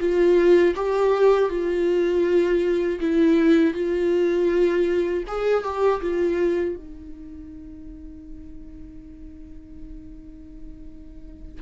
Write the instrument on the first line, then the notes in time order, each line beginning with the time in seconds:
viola
0.00 F4
0.76 G4
1.50 F4
3.00 E4
3.74 F4
5.28 G#4
5.64 G4
6.02 F4
6.76 D#4